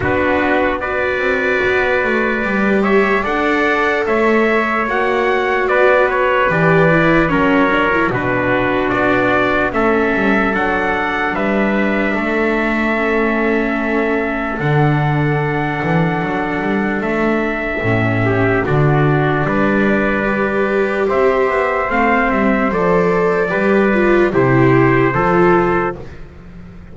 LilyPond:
<<
  \new Staff \with { instrumentName = "trumpet" } { \time 4/4 \tempo 4 = 74 b'4 d''2~ d''8 e''8 | fis''4 e''4 fis''4 d''8 cis''8 | d''4 cis''4 b'4 d''4 | e''4 fis''4 e''2~ |
e''2 fis''2~ | fis''4 e''2 d''4~ | d''2 e''4 f''8 e''8 | d''2 c''2 | }
  \new Staff \with { instrumentName = "trumpet" } { \time 4/4 fis'4 b'2~ b'8 cis''8 | d''4 cis''2 b'4~ | b'4 ais'4 fis'2 | a'2 b'4 a'4~ |
a'1~ | a'2~ a'8 g'8 fis'4 | b'2 c''2~ | c''4 b'4 g'4 a'4 | }
  \new Staff \with { instrumentName = "viola" } { \time 4/4 d'4 fis'2 g'4 | a'2 fis'2 | g'8 e'8 cis'8 d'16 e'16 d'2 | cis'4 d'2. |
cis'2 d'2~ | d'2 cis'4 d'4~ | d'4 g'2 c'4 | a'4 g'8 f'8 e'4 f'4 | }
  \new Staff \with { instrumentName = "double bass" } { \time 4/4 b4. c'8 b8 a8 g4 | d'4 a4 ais4 b4 | e4 fis4 b,4 b4 | a8 g8 fis4 g4 a4~ |
a2 d4. e8 | fis8 g8 a4 a,4 d4 | g2 c'8 b8 a8 g8 | f4 g4 c4 f4 | }
>>